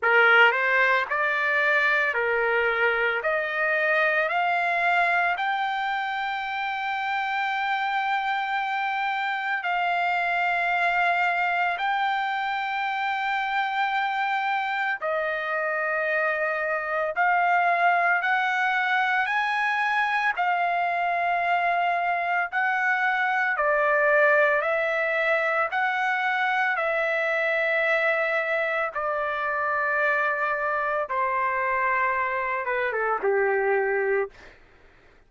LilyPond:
\new Staff \with { instrumentName = "trumpet" } { \time 4/4 \tempo 4 = 56 ais'8 c''8 d''4 ais'4 dis''4 | f''4 g''2.~ | g''4 f''2 g''4~ | g''2 dis''2 |
f''4 fis''4 gis''4 f''4~ | f''4 fis''4 d''4 e''4 | fis''4 e''2 d''4~ | d''4 c''4. b'16 a'16 g'4 | }